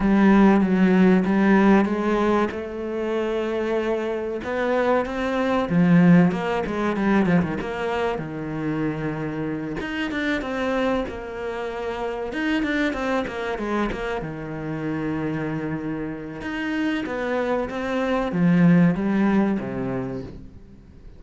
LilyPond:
\new Staff \with { instrumentName = "cello" } { \time 4/4 \tempo 4 = 95 g4 fis4 g4 gis4 | a2. b4 | c'4 f4 ais8 gis8 g8 f16 dis16 | ais4 dis2~ dis8 dis'8 |
d'8 c'4 ais2 dis'8 | d'8 c'8 ais8 gis8 ais8 dis4.~ | dis2 dis'4 b4 | c'4 f4 g4 c4 | }